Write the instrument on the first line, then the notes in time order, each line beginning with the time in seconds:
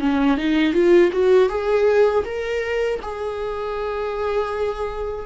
viola
0.00 C#4
0.37 D#4
0.73 F4
1.12 F#4
1.49 G#4
2.25 A#4
3.02 G#4